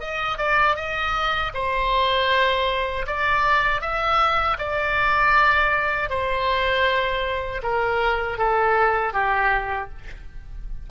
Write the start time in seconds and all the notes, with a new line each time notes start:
0.00 D#5
0.38 D5
0.76 D#5
1.54 C5
3.07 D5
3.81 E5
4.58 D5
6.09 C5
7.63 A#4
8.38 A4
9.13 G4